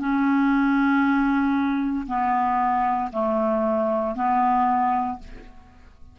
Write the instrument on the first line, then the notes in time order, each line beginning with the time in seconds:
clarinet
0.00 C#4
2.08 B3
3.13 A3
4.16 B3